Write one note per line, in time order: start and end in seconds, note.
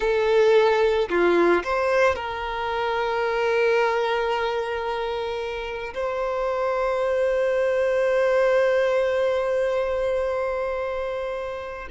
0.00 1.08 A4
1.09 1.63 F4
1.63 2.15 C5
2.15 5.93 A#4
5.93 11.88 C5